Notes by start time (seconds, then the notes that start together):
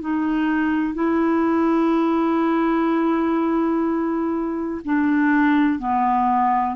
0.00 D#4
0.94 E4
4.84 D4
5.78 B3